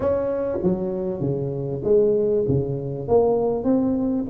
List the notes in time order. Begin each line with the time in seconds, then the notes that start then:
0.00 C#4
0.63 F#3
1.20 C#3
1.84 G#3
2.47 C#3
3.08 A#3
3.64 C4